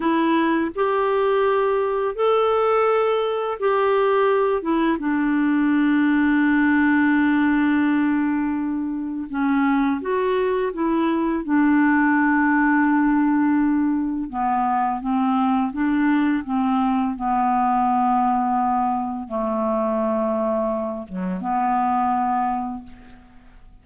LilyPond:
\new Staff \with { instrumentName = "clarinet" } { \time 4/4 \tempo 4 = 84 e'4 g'2 a'4~ | a'4 g'4. e'8 d'4~ | d'1~ | d'4 cis'4 fis'4 e'4 |
d'1 | b4 c'4 d'4 c'4 | b2. a4~ | a4. fis8 b2 | }